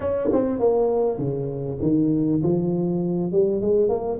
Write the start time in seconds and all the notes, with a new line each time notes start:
0.00 C#4
0.32 C4
0.59 A#3
1.18 C#3
1.82 D#3
2.43 F3
3.32 G3
3.61 G#3
3.88 A#3